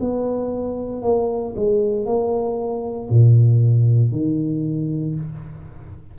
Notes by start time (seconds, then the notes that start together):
0.00 B3
1.02 A#3
1.56 G#3
2.06 A#3
3.10 A#2
4.11 D#3